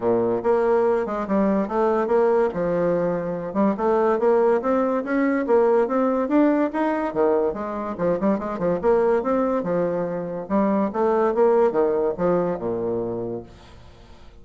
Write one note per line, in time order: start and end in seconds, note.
0.00 0.42 A#2
0.43 1.05 A#3
1.05 1.26 G#3
1.27 1.68 G3
1.68 2.07 A3
2.07 2.49 A#3
2.53 3.53 F3
3.53 3.74 G3
3.77 4.19 A3
4.19 4.61 A#3
4.61 5.03 C4
5.03 5.45 C#4
5.46 5.87 A#3
5.87 6.28 C4
6.28 6.70 D4
6.72 7.13 D#4
7.13 7.53 D#3
7.53 7.95 G#3
7.98 8.19 F3
8.20 8.39 G3
8.39 8.58 G#3
8.58 8.79 F3
8.81 9.22 A#3
9.22 9.63 C4
9.63 10.47 F3
10.48 10.90 G3
10.92 11.34 A3
11.34 11.71 A#3
11.71 12.13 D#3
12.17 12.59 F3
12.59 13.42 A#2